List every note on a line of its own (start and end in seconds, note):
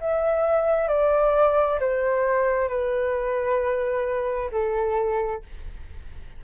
0.00 0.88 E5
0.88 1.79 D5
1.80 2.68 C5
2.68 4.50 B4
4.52 5.43 A4